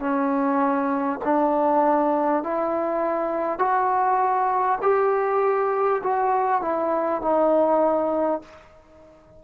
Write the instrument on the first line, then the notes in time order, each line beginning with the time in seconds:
trombone
0.00 C#4
1.24 D4
2.43 E4
3.59 F#4
4.82 G4
6.03 F#4
6.62 E4
7.22 D#4